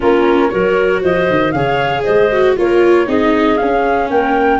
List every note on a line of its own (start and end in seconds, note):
0.00 0.53 A#3
0.00 0.51 C#4
0.00 0.48 F4
0.00 0.49 A#4
0.49 1.03 F#3
0.49 1.54 F#4
0.49 1.02 A#4
0.49 1.00 C#5
1.02 1.29 F3
1.02 1.53 C5
1.02 1.51 D#5
1.30 1.52 D#3
1.51 2.04 C#3
1.51 2.31 G#4
1.51 2.03 C#5
1.51 2.02 F5
2.03 2.58 G#3
2.03 2.54 C5
2.03 2.54 D#5
2.31 2.56 F#4
2.56 3.07 A#3
2.56 3.06 F4
2.56 3.07 A#4
2.56 3.09 C#5
3.06 3.58 C4
3.06 3.57 D#4
3.06 4.10 G#4
3.06 3.57 D#5
3.57 4.59 C#4
3.57 4.10 C#4
3.57 4.08 F5
4.10 4.59 A#3
4.10 4.59 A#4
4.10 4.59 G5